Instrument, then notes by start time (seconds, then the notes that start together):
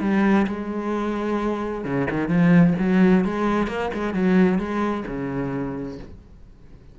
cello
0.00 G3
0.47 G#3
1.84 C#3
2.10 D#3
2.28 F3
2.79 F#3
3.24 G#3
3.67 A#3
3.93 G#3
4.13 F#3
4.58 G#3
5.07 C#3